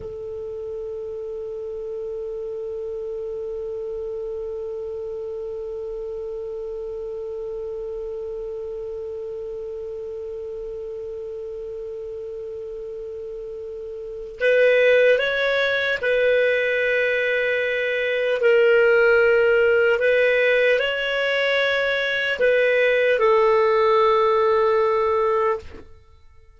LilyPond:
\new Staff \with { instrumentName = "clarinet" } { \time 4/4 \tempo 4 = 75 a'1~ | a'1~ | a'1~ | a'1~ |
a'2 b'4 cis''4 | b'2. ais'4~ | ais'4 b'4 cis''2 | b'4 a'2. | }